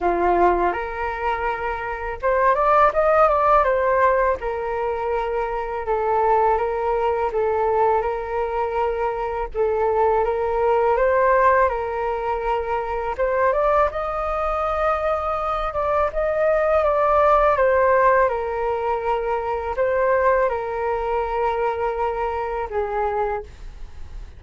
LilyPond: \new Staff \with { instrumentName = "flute" } { \time 4/4 \tempo 4 = 82 f'4 ais'2 c''8 d''8 | dis''8 d''8 c''4 ais'2 | a'4 ais'4 a'4 ais'4~ | ais'4 a'4 ais'4 c''4 |
ais'2 c''8 d''8 dis''4~ | dis''4. d''8 dis''4 d''4 | c''4 ais'2 c''4 | ais'2. gis'4 | }